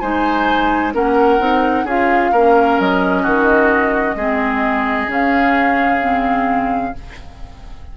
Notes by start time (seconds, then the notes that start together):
0.00 G#3 D#4 C5 G#5
0.94 A#3 C#4 A#4 F#5
1.39 C4 D#4
1.85 C#4 F4 G#4 F5
2.32 A#3 C#4 A#4
2.80 F#3 D#5
3.23 D#3 F#4
4.15 G#3 C4 G#4
5.08 C#3 C#4 F5
6.01 C4